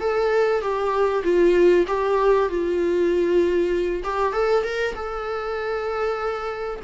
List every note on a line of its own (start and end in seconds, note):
0.00 0.61 A4
0.61 1.23 G4
1.23 1.85 F4
1.87 2.49 G4
2.49 4.03 F4
4.03 4.33 G4
4.33 4.63 A4
4.63 4.94 A#4
4.95 6.80 A4